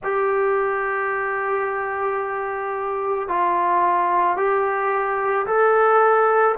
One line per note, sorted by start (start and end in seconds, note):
0.03 3.28 G4
3.28 4.36 F4
4.36 5.45 G4
5.46 6.55 A4